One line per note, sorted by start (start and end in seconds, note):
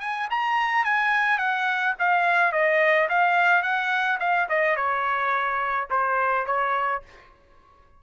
0.00 0.28 G#5
0.30 0.84 A#5
0.84 1.38 G#5
1.38 1.94 F#5
1.99 2.52 F5
2.52 3.08 D#5
3.08 3.62 F5
3.62 4.18 F#5
4.20 4.48 F5
4.49 4.76 D#5
4.76 5.88 C#5
5.90 6.46 C5
6.46 7.02 C#5